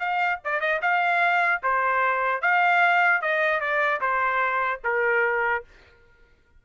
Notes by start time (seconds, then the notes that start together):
0.00 F5
0.45 D5
0.61 D#5
0.82 F5
1.63 C5
2.42 F5
3.22 D#5
3.61 D5
4.01 C5
4.85 A#4